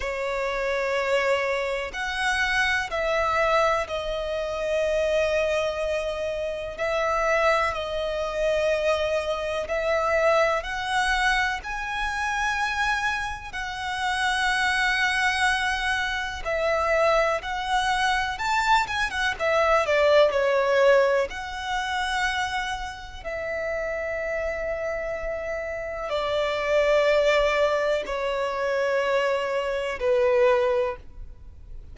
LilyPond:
\new Staff \with { instrumentName = "violin" } { \time 4/4 \tempo 4 = 62 cis''2 fis''4 e''4 | dis''2. e''4 | dis''2 e''4 fis''4 | gis''2 fis''2~ |
fis''4 e''4 fis''4 a''8 gis''16 fis''16 | e''8 d''8 cis''4 fis''2 | e''2. d''4~ | d''4 cis''2 b'4 | }